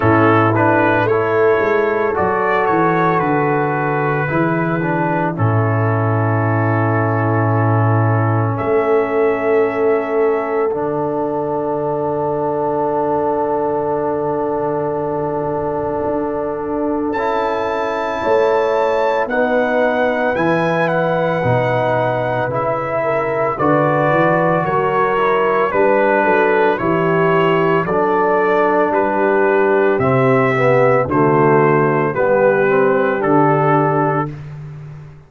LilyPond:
<<
  \new Staff \with { instrumentName = "trumpet" } { \time 4/4 \tempo 4 = 56 a'8 b'8 cis''4 d''8 cis''8 b'4~ | b'4 a'2. | e''2 fis''2~ | fis''1 |
a''2 fis''4 gis''8 fis''8~ | fis''4 e''4 d''4 cis''4 | b'4 cis''4 d''4 b'4 | e''4 c''4 b'4 a'4 | }
  \new Staff \with { instrumentName = "horn" } { \time 4/4 e'4 a'2. | gis'4 e'2. | a'1~ | a'1~ |
a'4 cis''4 b'2~ | b'4. ais'8 b'4 ais'4 | b'8 a'8 g'4 a'4 g'4~ | g'4 fis'4 g'2 | }
  \new Staff \with { instrumentName = "trombone" } { \time 4/4 cis'8 d'8 e'4 fis'2 | e'8 d'8 cis'2.~ | cis'2 d'2~ | d'1 |
e'2 dis'4 e'4 | dis'4 e'4 fis'4. e'8 | d'4 e'4 d'2 | c'8 b8 a4 b8 c'8 d'4 | }
  \new Staff \with { instrumentName = "tuba" } { \time 4/4 a,4 a8 gis8 fis8 e8 d4 | e4 a,2. | a2 d2~ | d2. d'4 |
cis'4 a4 b4 e4 | b,4 cis4 d8 e8 fis4 | g8 fis8 e4 fis4 g4 | c4 d4 g4 d4 | }
>>